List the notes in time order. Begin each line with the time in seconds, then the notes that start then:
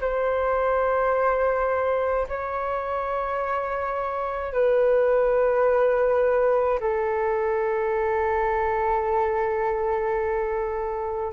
0.00 C5
2.28 C#5
4.52 B4
6.80 A4